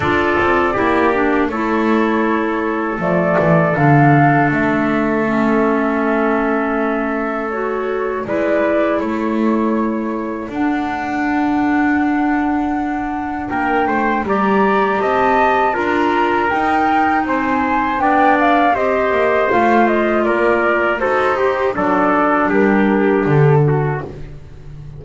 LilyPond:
<<
  \new Staff \with { instrumentName = "flute" } { \time 4/4 \tempo 4 = 80 d''2 cis''2 | d''4 f''4 e''2~ | e''2 cis''4 d''4 | cis''2 fis''2~ |
fis''2 g''4 ais''4 | a''4 ais''4 g''4 gis''4 | g''8 f''8 dis''4 f''8 dis''8 d''4 | c''4 d''4 ais'4 a'4 | }
  \new Staff \with { instrumentName = "trumpet" } { \time 4/4 a'4 g'4 a'2~ | a'1~ | a'2. b'4 | a'1~ |
a'2 ais'8 c''8 d''4 | dis''4 ais'2 c''4 | d''4 c''2 ais'4 | a'8 g'8 a'4 g'4. fis'8 | }
  \new Staff \with { instrumentName = "clarinet" } { \time 4/4 f'4 e'8 d'8 e'2 | a4 d'2 cis'4~ | cis'2 fis'4 e'4~ | e'2 d'2~ |
d'2. g'4~ | g'4 f'4 dis'2 | d'4 g'4 f'2 | fis'8 g'8 d'2. | }
  \new Staff \with { instrumentName = "double bass" } { \time 4/4 d'8 c'8 ais4 a2 | f8 e8 d4 a2~ | a2. gis4 | a2 d'2~ |
d'2 ais8 a8 g4 | c'4 d'4 dis'4 c'4 | b4 c'8 ais8 a4 ais4 | dis'4 fis4 g4 d4 | }
>>